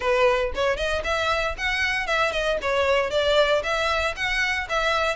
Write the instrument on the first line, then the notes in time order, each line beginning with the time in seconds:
violin
0.00 B4
0.54 C#5
0.76 D#5
1.04 E5
1.57 F#5
2.07 E5
2.32 D#5
2.61 C#5
3.10 D5
3.63 E5
4.15 F#5
4.69 E5